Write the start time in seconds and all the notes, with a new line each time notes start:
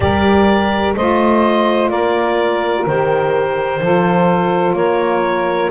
0.00 G3 G4 A#4 D5
0.96 A3 F4 C5 D#5
1.89 A#3 A#4 D5
2.86 D#3 G4 C5
3.80 F3 F4 A4
4.73 A#3 A#4 C#5